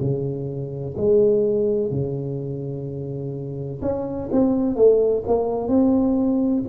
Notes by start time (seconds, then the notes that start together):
0.00 C#3
0.97 G#3
1.90 C#3
3.82 C#4
4.32 C4
4.76 A3
5.27 A#3
5.68 C4